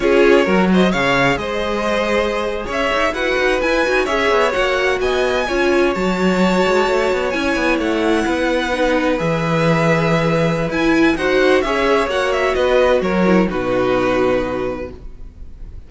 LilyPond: <<
  \new Staff \with { instrumentName = "violin" } { \time 4/4 \tempo 4 = 129 cis''4. dis''8 f''4 dis''4~ | dis''4.~ dis''16 e''4 fis''4 gis''16~ | gis''8. e''4 fis''4 gis''4~ gis''16~ | gis''8. a''2. gis''16~ |
gis''8. fis''2. e''16~ | e''2. gis''4 | fis''4 e''4 fis''8 e''8 dis''4 | cis''4 b'2. | }
  \new Staff \with { instrumentName = "violin" } { \time 4/4 gis'4 ais'8 c''8 cis''4 c''4~ | c''4.~ c''16 cis''4 b'4~ b'16~ | b'8. cis''2 dis''4 cis''16~ | cis''1~ |
cis''4.~ cis''16 b'2~ b'16~ | b'1 | c''4 cis''2 b'4 | ais'4 fis'2. | }
  \new Staff \with { instrumentName = "viola" } { \time 4/4 f'4 fis'4 gis'2~ | gis'2~ gis'8. fis'4 e'16~ | e'16 fis'8 gis'4 fis'2 f'16~ | f'8. fis'2. e'16~ |
e'2~ e'8. dis'4 gis'16~ | gis'2. e'4 | fis'4 gis'4 fis'2~ | fis'8 e'8 dis'2. | }
  \new Staff \with { instrumentName = "cello" } { \time 4/4 cis'4 fis4 cis4 gis4~ | gis4.~ gis16 cis'8 dis'8 e'8 dis'8 e'16~ | e'16 dis'8 cis'8 b8 ais4 b4 cis'16~ | cis'8. fis4. gis8 a8 b8 cis'16~ |
cis'16 b8 a4 b2 e16~ | e2. e'4 | dis'4 cis'4 ais4 b4 | fis4 b,2. | }
>>